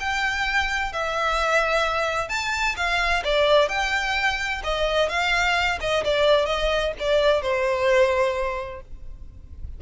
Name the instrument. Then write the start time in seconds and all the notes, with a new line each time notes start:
violin
0.00 G5
0.92 E5
2.29 A5
2.77 F5
3.24 D5
3.69 G5
4.64 D#5
5.09 F5
5.81 D#5
6.04 D5
6.46 D#5
6.99 D5
7.42 C5